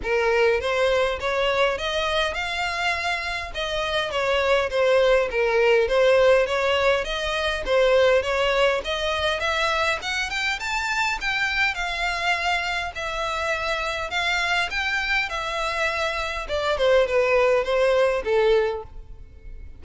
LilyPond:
\new Staff \with { instrumentName = "violin" } { \time 4/4 \tempo 4 = 102 ais'4 c''4 cis''4 dis''4 | f''2 dis''4 cis''4 | c''4 ais'4 c''4 cis''4 | dis''4 c''4 cis''4 dis''4 |
e''4 fis''8 g''8 a''4 g''4 | f''2 e''2 | f''4 g''4 e''2 | d''8 c''8 b'4 c''4 a'4 | }